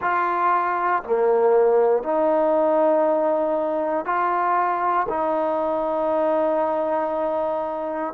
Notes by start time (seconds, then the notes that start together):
0.01 F4
1.04 A#3
2.03 D#4
4.05 F4
5.08 D#4